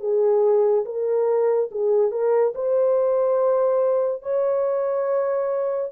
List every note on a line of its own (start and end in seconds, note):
0.00 0.85 G#4
0.85 1.69 A#4
1.71 2.11 G#4
2.11 2.54 A#4
2.55 4.23 C5
4.23 5.92 C#5